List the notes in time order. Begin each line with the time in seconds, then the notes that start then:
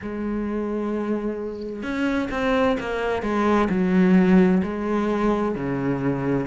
0.02 G#3
1.82 C#4
2.31 C4
2.79 A#3
3.22 G#3
3.69 F#3
4.63 G#3
5.55 C#3